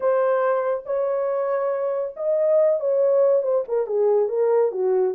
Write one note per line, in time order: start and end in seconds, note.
0.00 0.83 C5
0.85 2.14 C#5
2.16 2.80 D#5
2.80 3.42 C#5
3.42 3.64 C5
3.68 3.86 A#4
3.86 4.28 G#4
4.28 4.71 A#4
4.71 5.14 F#4